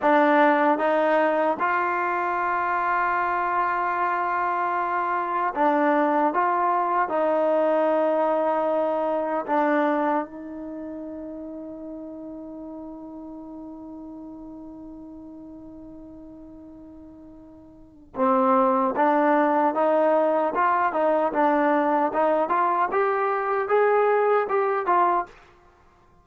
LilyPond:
\new Staff \with { instrumentName = "trombone" } { \time 4/4 \tempo 4 = 76 d'4 dis'4 f'2~ | f'2. d'4 | f'4 dis'2. | d'4 dis'2.~ |
dis'1~ | dis'2. c'4 | d'4 dis'4 f'8 dis'8 d'4 | dis'8 f'8 g'4 gis'4 g'8 f'8 | }